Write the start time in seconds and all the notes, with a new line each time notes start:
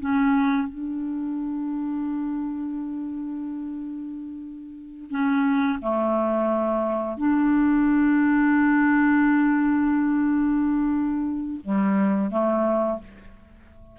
0.00 C#4
0.68 D4
5.10 C#4
5.81 A3
7.17 D4
11.64 G3
12.31 A3